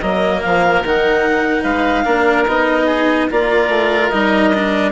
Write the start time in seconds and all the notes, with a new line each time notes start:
0.00 F#3 A#3 A#4 D#5
0.41 F3 F5
0.83 D#3 D#4 F#5
1.63 G#3 B4 F5
2.04 A#3 D4 A#4
2.46 B3 D#4 D#5
2.85 G#4
3.30 A#3 F4 A#4 D5
3.68 A3
4.09 G3 D#4 D#5
4.53 D4